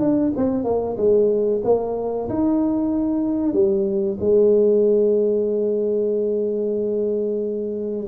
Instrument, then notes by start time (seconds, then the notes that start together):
tuba
0.00 D4
0.36 C4
0.64 A#3
0.97 G#3
1.64 A#3
2.29 D#4
3.53 G3
4.20 G#3